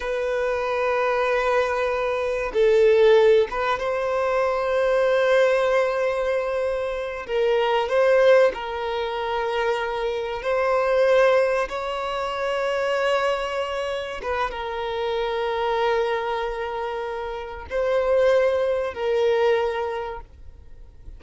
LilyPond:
\new Staff \with { instrumentName = "violin" } { \time 4/4 \tempo 4 = 95 b'1 | a'4. b'8 c''2~ | c''2.~ c''8 ais'8~ | ais'8 c''4 ais'2~ ais'8~ |
ais'8 c''2 cis''4.~ | cis''2~ cis''8 b'8 ais'4~ | ais'1 | c''2 ais'2 | }